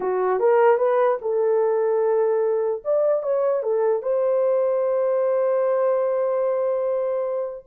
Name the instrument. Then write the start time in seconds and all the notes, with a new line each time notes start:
horn
0.00 F#4
0.39 A#4
0.77 B4
1.21 A4
2.84 D5
3.22 C#5
3.63 A4
4.02 C5